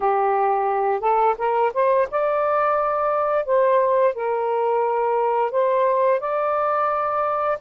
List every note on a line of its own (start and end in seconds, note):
0.00 1.00 G4
1.00 1.34 A4
1.38 1.72 A#4
1.73 2.08 C5
2.10 3.45 D5
3.45 4.14 C5
4.14 5.51 A#4
5.51 6.20 C5
6.20 7.58 D5